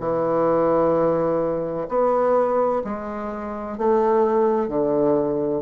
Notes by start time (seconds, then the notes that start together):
0.00 E3
1.89 B3
2.85 G#3
3.78 A3
4.69 D3